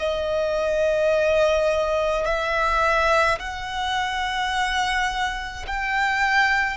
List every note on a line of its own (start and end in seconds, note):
0.00 2.26 D#5
2.26 3.39 E5
3.39 5.66 F#5
5.68 6.78 G5